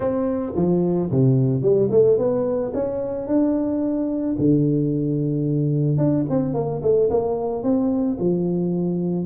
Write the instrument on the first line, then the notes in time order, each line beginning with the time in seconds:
tuba
0.00 C4
0.55 F3
1.10 C3
1.61 G3
1.90 A3
2.18 B3
2.74 C#4
3.27 D4
4.38 D3
5.97 D4
6.29 C4
6.54 A#3
6.82 A3
7.09 A#3
7.63 C4
8.19 F3